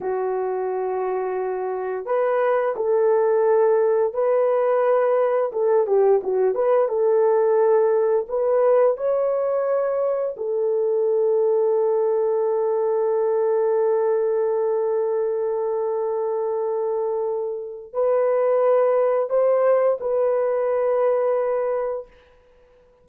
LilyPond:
\new Staff \with { instrumentName = "horn" } { \time 4/4 \tempo 4 = 87 fis'2. b'4 | a'2 b'2 | a'8 g'8 fis'8 b'8 a'2 | b'4 cis''2 a'4~ |
a'1~ | a'1~ | a'2 b'2 | c''4 b'2. | }